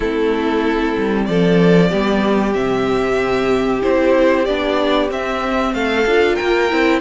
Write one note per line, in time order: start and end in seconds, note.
0.00 0.96 A3
0.00 1.89 C4
0.00 1.27 E4
0.00 1.25 A4
0.97 1.28 G3
1.25 1.92 F3
1.25 1.89 A4
1.25 2.53 D5
1.89 2.54 G3
1.89 2.53 B3
1.89 5.72 G4
2.53 3.82 C3
2.53 3.82 C4
2.53 3.81 E5
3.82 4.48 C4
3.82 4.46 E4
3.82 4.45 C5
4.45 5.11 B3
4.45 5.08 D4
4.45 5.09 D5
5.08 6.04 C4
5.08 5.73 C4
5.08 5.74 E5
5.73 6.05 A3
5.73 6.35 A4
5.73 6.35 F5
6.06 6.38 D4
6.06 6.70 F4
6.35 6.72 A#3
6.35 6.99 A#4
6.35 6.99 G5
6.70 7.00 C4
6.70 7.00 E4